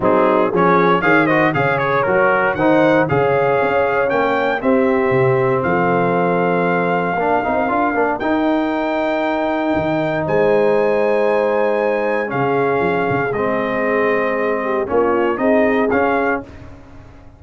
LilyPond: <<
  \new Staff \with { instrumentName = "trumpet" } { \time 4/4 \tempo 4 = 117 gis'4 cis''4 f''8 dis''8 f''8 cis''8 | ais'4 fis''4 f''2 | g''4 e''2 f''4~ | f''1 |
g''1 | gis''1 | f''2 dis''2~ | dis''4 cis''4 dis''4 f''4 | }
  \new Staff \with { instrumentName = "horn" } { \time 4/4 dis'4 gis'4 cis''8 c''8 cis''4~ | cis''4 c''4 cis''2~ | cis''4 g'2 a'4~ | a'2 ais'2~ |
ais'1 | c''1 | gis'1~ | gis'8 g'8 f'4 gis'2 | }
  \new Staff \with { instrumentName = "trombone" } { \time 4/4 c'4 cis'4 gis'8 fis'8 gis'4 | fis'4 dis'4 gis'2 | cis'4 c'2.~ | c'2 d'8 dis'8 f'8 d'8 |
dis'1~ | dis'1 | cis'2 c'2~ | c'4 cis'4 dis'4 cis'4 | }
  \new Staff \with { instrumentName = "tuba" } { \time 4/4 fis4 f4 dis4 cis4 | fis4 dis4 cis4 cis'4 | ais4 c'4 c4 f4~ | f2 ais8 c'8 d'8 ais8 |
dis'2. dis4 | gis1 | cis4 f8 cis8 gis2~ | gis4 ais4 c'4 cis'4 | }
>>